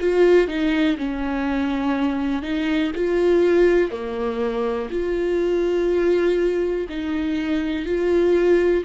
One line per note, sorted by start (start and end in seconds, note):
0.00 0.48 F4
0.48 0.97 D#4
0.98 2.43 C#4
2.43 2.92 D#4
2.96 3.91 F4
3.91 4.89 A#3
4.90 6.87 F4
6.89 7.86 D#4
7.86 8.84 F4